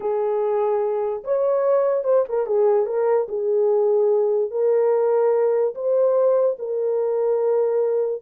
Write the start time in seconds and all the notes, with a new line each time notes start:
0.00 G#4
1.24 C#5
2.04 C5
2.29 A#4
2.46 G#4
2.86 A#4
3.28 G#4
4.51 A#4
5.74 C5
6.58 A#4